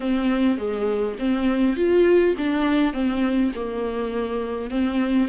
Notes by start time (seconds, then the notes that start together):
0.00 C4
0.57 G#3
1.18 C4
1.76 F4
2.37 D4
2.93 C4
3.55 A#3
4.70 C4